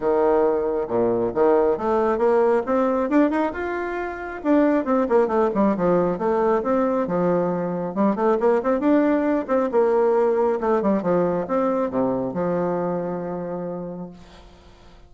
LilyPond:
\new Staff \with { instrumentName = "bassoon" } { \time 4/4 \tempo 4 = 136 dis2 ais,4 dis4 | a4 ais4 c'4 d'8 dis'8 | f'2 d'4 c'8 ais8 | a8 g8 f4 a4 c'4 |
f2 g8 a8 ais8 c'8 | d'4. c'8 ais2 | a8 g8 f4 c'4 c4 | f1 | }